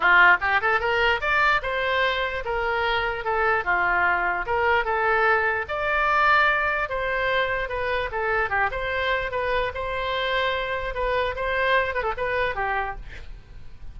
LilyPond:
\new Staff \with { instrumentName = "oboe" } { \time 4/4 \tempo 4 = 148 f'4 g'8 a'8 ais'4 d''4 | c''2 ais'2 | a'4 f'2 ais'4 | a'2 d''2~ |
d''4 c''2 b'4 | a'4 g'8 c''4. b'4 | c''2. b'4 | c''4. b'16 a'16 b'4 g'4 | }